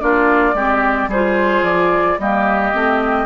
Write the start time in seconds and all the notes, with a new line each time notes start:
0.00 A#3 D4 F4 D5
0.54 G#3 C4 G4
1.08 G3 G#4 C5
1.14 F4
1.62 F3 D5
2.18 G3 A#3 G4 D#5
2.73 A3 C4